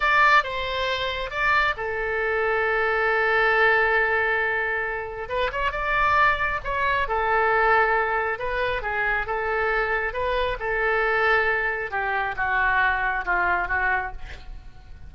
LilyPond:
\new Staff \with { instrumentName = "oboe" } { \time 4/4 \tempo 4 = 136 d''4 c''2 d''4 | a'1~ | a'1 | b'8 cis''8 d''2 cis''4 |
a'2. b'4 | gis'4 a'2 b'4 | a'2. g'4 | fis'2 f'4 fis'4 | }